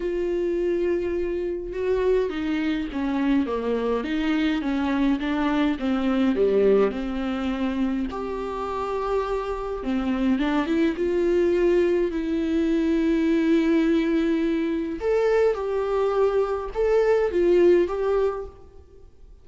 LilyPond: \new Staff \with { instrumentName = "viola" } { \time 4/4 \tempo 4 = 104 f'2. fis'4 | dis'4 cis'4 ais4 dis'4 | cis'4 d'4 c'4 g4 | c'2 g'2~ |
g'4 c'4 d'8 e'8 f'4~ | f'4 e'2.~ | e'2 a'4 g'4~ | g'4 a'4 f'4 g'4 | }